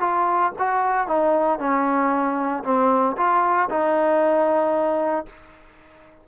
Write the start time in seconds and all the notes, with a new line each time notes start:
0.00 F4
0.59 F#4
1.08 D#4
1.59 C#4
2.64 C4
3.17 F4
3.69 D#4